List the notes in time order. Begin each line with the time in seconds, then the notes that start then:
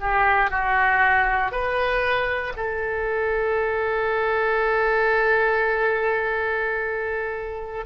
0.00 G4
0.50 F#4
1.52 B4
2.56 A4